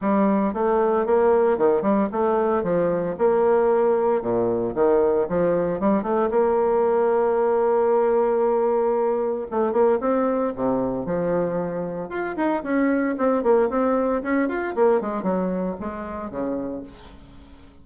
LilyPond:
\new Staff \with { instrumentName = "bassoon" } { \time 4/4 \tempo 4 = 114 g4 a4 ais4 dis8 g8 | a4 f4 ais2 | ais,4 dis4 f4 g8 a8 | ais1~ |
ais2 a8 ais8 c'4 | c4 f2 f'8 dis'8 | cis'4 c'8 ais8 c'4 cis'8 f'8 | ais8 gis8 fis4 gis4 cis4 | }